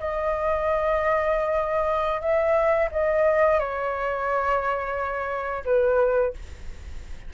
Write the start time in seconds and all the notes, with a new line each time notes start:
0.00 D#5
2.21 E5
2.92 D#5
3.60 C#5
5.65 B4